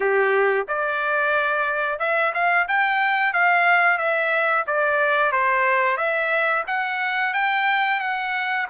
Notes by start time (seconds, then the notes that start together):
0.00 G4
0.68 D5
1.99 E5
2.34 F5
2.68 G5
3.33 F5
3.98 E5
4.67 D5
5.32 C5
5.97 E5
6.67 F#5
7.33 G5
8.00 F#5